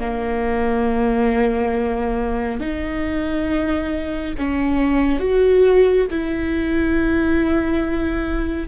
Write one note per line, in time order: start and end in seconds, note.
0.00 2.60 A#3
2.60 4.34 D#4
4.38 5.20 C#4
5.20 6.07 F#4
6.11 8.68 E4